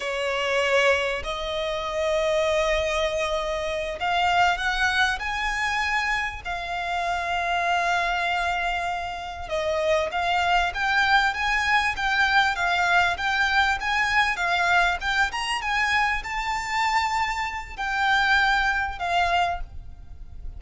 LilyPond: \new Staff \with { instrumentName = "violin" } { \time 4/4 \tempo 4 = 98 cis''2 dis''2~ | dis''2~ dis''8 f''4 fis''8~ | fis''8 gis''2 f''4.~ | f''2.~ f''8 dis''8~ |
dis''8 f''4 g''4 gis''4 g''8~ | g''8 f''4 g''4 gis''4 f''8~ | f''8 g''8 ais''8 gis''4 a''4.~ | a''4 g''2 f''4 | }